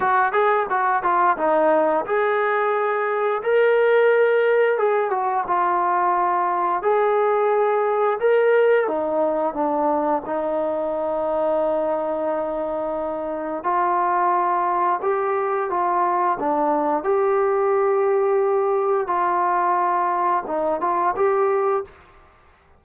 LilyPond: \new Staff \with { instrumentName = "trombone" } { \time 4/4 \tempo 4 = 88 fis'8 gis'8 fis'8 f'8 dis'4 gis'4~ | gis'4 ais'2 gis'8 fis'8 | f'2 gis'2 | ais'4 dis'4 d'4 dis'4~ |
dis'1 | f'2 g'4 f'4 | d'4 g'2. | f'2 dis'8 f'8 g'4 | }